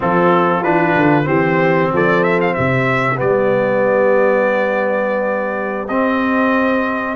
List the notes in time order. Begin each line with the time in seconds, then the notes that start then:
0.00 F3 C4 F4 A4
0.63 E3 D4 B4
0.95 D3
1.24 E3 C4 G4 C5
1.92 F3 A4 D5
2.23 E5
2.40 F5
2.54 C3 G4 E5
3.16 G3 B3 D5
5.87 C4 D#5